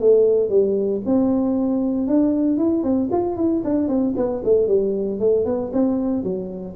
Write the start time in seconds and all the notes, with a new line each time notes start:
0.00 A3
0.49 G3
1.06 C4
2.08 D4
2.58 E4
2.84 C4
3.12 F4
3.37 E4
3.65 D4
3.88 C4
4.17 B3
4.45 A3
4.68 G3
5.20 A3
5.46 B3
5.73 C4
6.24 F#3